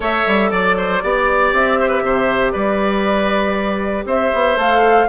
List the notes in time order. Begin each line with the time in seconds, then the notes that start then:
0.00 A3 A4 C#5 E5
0.26 G3
0.50 F#3 D5
0.77 C5
1.01 B3 G4 D5
1.53 C4 E5
1.79 C5
1.88 B4
2.02 C3 C5
2.51 G3 B4 D5
4.05 C4 C5 E5
4.33 B3
4.56 A3 A4 F5